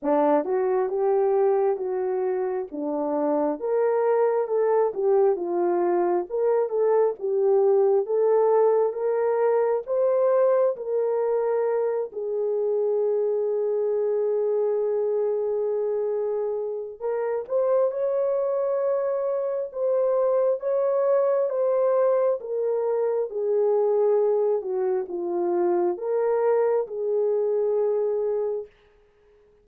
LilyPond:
\new Staff \with { instrumentName = "horn" } { \time 4/4 \tempo 4 = 67 d'8 fis'8 g'4 fis'4 d'4 | ais'4 a'8 g'8 f'4 ais'8 a'8 | g'4 a'4 ais'4 c''4 | ais'4. gis'2~ gis'8~ |
gis'2. ais'8 c''8 | cis''2 c''4 cis''4 | c''4 ais'4 gis'4. fis'8 | f'4 ais'4 gis'2 | }